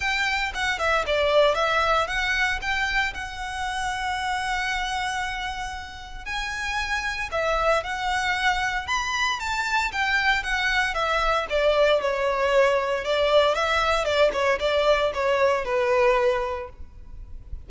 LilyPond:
\new Staff \with { instrumentName = "violin" } { \time 4/4 \tempo 4 = 115 g''4 fis''8 e''8 d''4 e''4 | fis''4 g''4 fis''2~ | fis''1 | gis''2 e''4 fis''4~ |
fis''4 b''4 a''4 g''4 | fis''4 e''4 d''4 cis''4~ | cis''4 d''4 e''4 d''8 cis''8 | d''4 cis''4 b'2 | }